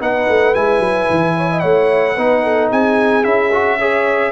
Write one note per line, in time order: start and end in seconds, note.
0.00 0.28 B3
0.00 0.54 D#4
0.00 1.36 B4
0.00 0.54 F#5
0.28 0.55 A3
0.54 0.79 G#3
0.54 2.16 E4
0.54 1.59 G#5
0.79 1.06 F#3
1.10 1.63 E3
1.36 1.50 C#5
1.50 1.61 D#5
1.59 2.17 A3
1.59 2.15 C#5
1.59 2.68 F#5
2.15 2.71 B3
2.15 3.23 D#4
2.15 2.42 B4
2.43 2.70 A4
2.70 3.25 C4
2.70 3.77 G#4
2.70 3.24 G#5
3.23 4.31 C#4
3.23 3.50 E4
3.23 4.31 E5
3.52 3.79 F#4
3.77 4.31 G#4
3.77 4.31 C#5